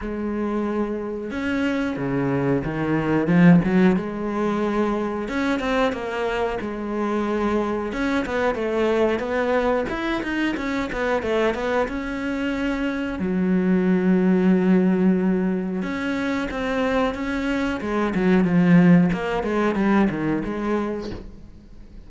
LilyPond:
\new Staff \with { instrumentName = "cello" } { \time 4/4 \tempo 4 = 91 gis2 cis'4 cis4 | dis4 f8 fis8 gis2 | cis'8 c'8 ais4 gis2 | cis'8 b8 a4 b4 e'8 dis'8 |
cis'8 b8 a8 b8 cis'2 | fis1 | cis'4 c'4 cis'4 gis8 fis8 | f4 ais8 gis8 g8 dis8 gis4 | }